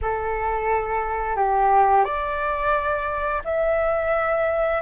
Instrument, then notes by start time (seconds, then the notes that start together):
flute
0.01 A4
1.35 G4
2.04 D5
3.44 E5